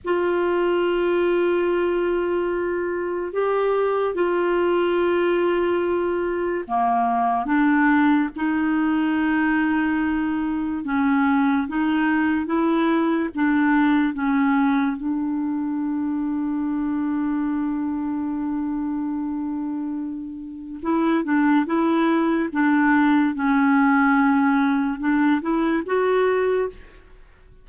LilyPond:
\new Staff \with { instrumentName = "clarinet" } { \time 4/4 \tempo 4 = 72 f'1 | g'4 f'2. | ais4 d'4 dis'2~ | dis'4 cis'4 dis'4 e'4 |
d'4 cis'4 d'2~ | d'1~ | d'4 e'8 d'8 e'4 d'4 | cis'2 d'8 e'8 fis'4 | }